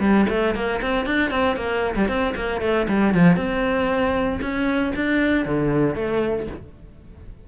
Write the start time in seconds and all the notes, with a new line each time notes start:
0.00 G3
0.30 A3
0.55 A#3
0.82 C4
1.06 D4
1.31 C4
1.56 A#3
1.96 G3
2.09 C4
2.36 A#3
2.61 A3
2.89 G3
3.14 F3
3.37 C4
4.42 C#4
4.96 D4
5.46 D3
5.95 A3